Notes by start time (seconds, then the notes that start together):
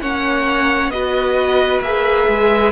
0.00 A#3 C#4 C#5 F#5
0.88 B3 F#4 B4 D#5
1.81 A#3 G#4 E5
2.27 G#3